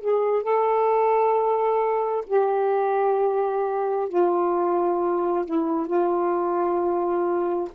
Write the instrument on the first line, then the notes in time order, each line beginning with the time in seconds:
saxophone
0.00 G#4
0.43 A4
2.27 G4
4.09 F4
5.45 E4
5.87 F4